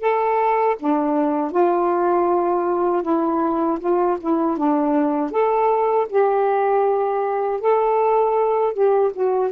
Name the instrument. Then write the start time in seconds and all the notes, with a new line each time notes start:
saxophone
0.00 A4
0.79 D4
1.51 F4
3.02 E4
3.79 F4
4.20 E4
4.57 D4
5.31 A4
6.09 G4
7.60 A4
8.73 G4
9.13 F#4